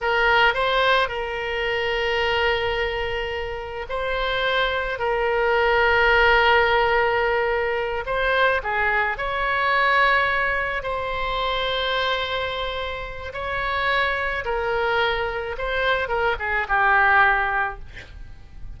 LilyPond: \new Staff \with { instrumentName = "oboe" } { \time 4/4 \tempo 4 = 108 ais'4 c''4 ais'2~ | ais'2. c''4~ | c''4 ais'2.~ | ais'2~ ais'8 c''4 gis'8~ |
gis'8 cis''2. c''8~ | c''1 | cis''2 ais'2 | c''4 ais'8 gis'8 g'2 | }